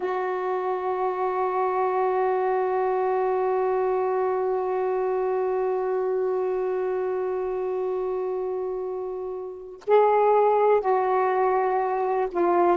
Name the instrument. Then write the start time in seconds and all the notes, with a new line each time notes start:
saxophone
0.00 F#4
9.87 G#4
10.81 F#4
12.31 F4